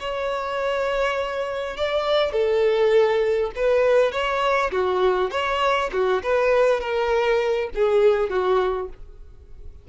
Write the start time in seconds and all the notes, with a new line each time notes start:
0.00 C#5
1.77 D5
2.33 A4
3.56 B4
4.12 C#5
4.72 F#4
5.31 C#5
5.93 F#4
6.23 B4
6.81 A#4
7.75 G#4
8.30 F#4